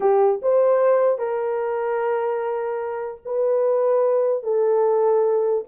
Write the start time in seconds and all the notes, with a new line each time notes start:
0.00 G4
0.42 C5
1.18 A#4
3.25 B4
4.43 A4